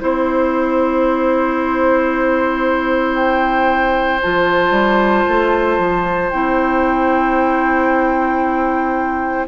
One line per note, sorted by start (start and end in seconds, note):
0.00 4.23 C4
0.00 4.21 E4
0.00 3.15 C5
0.00 9.48 C5
3.15 4.20 G5
4.21 4.71 F3
4.21 6.33 F4
4.21 6.30 A5
4.71 5.24 G3
5.29 5.79 A3
5.79 6.31 F3
6.30 9.48 C4
6.30 9.48 E4
6.30 9.46 G5